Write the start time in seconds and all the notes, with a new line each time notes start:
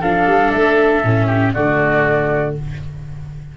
0.00 F3 D4 A4 F5
0.26 G3
0.51 A3 E5
1.03 A2 C#4
1.27 G4
1.53 D3 A3 F#4 D5